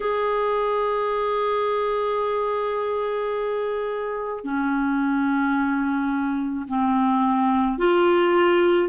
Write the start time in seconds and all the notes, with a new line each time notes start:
0.00 G#4
4.43 C#4
6.68 C4
7.78 F4